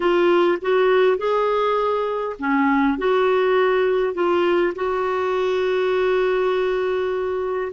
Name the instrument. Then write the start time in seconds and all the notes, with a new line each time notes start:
clarinet
0.00 F4
0.61 F#4
1.17 G#4
2.39 C#4
2.98 F#4
4.14 F4
4.75 F#4